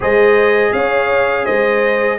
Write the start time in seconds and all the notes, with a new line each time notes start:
0.00 G#3 G#4 C5 D#5
0.72 C#4 C#5 F5
1.45 G#3 C5 D#5